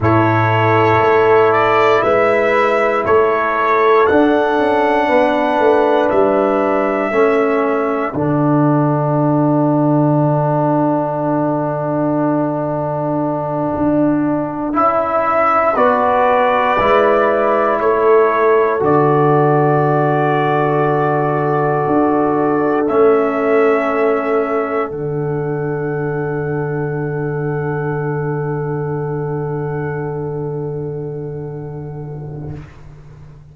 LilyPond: <<
  \new Staff \with { instrumentName = "trumpet" } { \time 4/4 \tempo 4 = 59 cis''4. d''8 e''4 cis''4 | fis''2 e''2 | fis''1~ | fis''2~ fis''8 e''4 d''8~ |
d''4. cis''4 d''4.~ | d''2~ d''8 e''4.~ | e''8 fis''2.~ fis''8~ | fis''1 | }
  \new Staff \with { instrumentName = "horn" } { \time 4/4 a'2 b'4 a'4~ | a'4 b'2 a'4~ | a'1~ | a'2.~ a'8 b'8~ |
b'4. a'2~ a'8~ | a'1~ | a'1~ | a'1 | }
  \new Staff \with { instrumentName = "trombone" } { \time 4/4 e'1 | d'2. cis'4 | d'1~ | d'2~ d'8 e'4 fis'8~ |
fis'8 e'2 fis'4.~ | fis'2~ fis'8 cis'4.~ | cis'8 d'2.~ d'8~ | d'1 | }
  \new Staff \with { instrumentName = "tuba" } { \time 4/4 a,4 a4 gis4 a4 | d'8 cis'8 b8 a8 g4 a4 | d1~ | d4. d'4 cis'4 b8~ |
b8 gis4 a4 d4.~ | d4. d'4 a4.~ | a8 d2.~ d8~ | d1 | }
>>